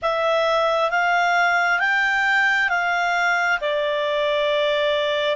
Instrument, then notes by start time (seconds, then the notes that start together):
clarinet
0.02 E5
0.90 F5
1.79 G5
2.69 F5
3.60 D5